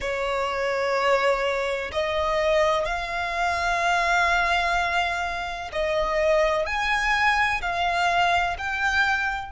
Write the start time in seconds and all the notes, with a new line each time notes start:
0.00 C#5
1.91 D#5
2.85 F5
5.72 D#5
6.66 G#5
7.61 F5
8.58 G5